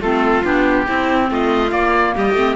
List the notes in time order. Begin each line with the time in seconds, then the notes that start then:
0.00 A3 C4 F4 A4
0.43 B3 D4 G4
0.87 C4 E4
1.30 A3 F4 D#5
1.69 A#3 D5
2.15 G3 G4 D#5
2.33 A3 C4